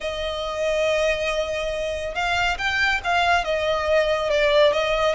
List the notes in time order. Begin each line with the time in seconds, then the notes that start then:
0.00 D#5
2.14 F5
2.58 G5
3.04 F5
3.44 D#5
4.30 D5
4.73 D#5